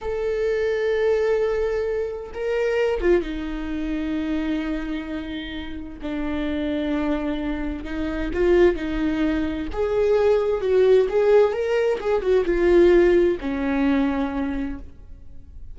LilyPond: \new Staff \with { instrumentName = "viola" } { \time 4/4 \tempo 4 = 130 a'1~ | a'4 ais'4. f'8 dis'4~ | dis'1~ | dis'4 d'2.~ |
d'4 dis'4 f'4 dis'4~ | dis'4 gis'2 fis'4 | gis'4 ais'4 gis'8 fis'8 f'4~ | f'4 cis'2. | }